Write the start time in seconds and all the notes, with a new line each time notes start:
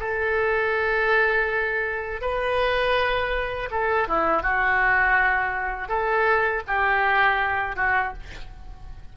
0.00 A4
2.22 B4
3.71 A4
4.08 E4
4.43 F#4
5.89 A4
6.67 G4
7.76 F#4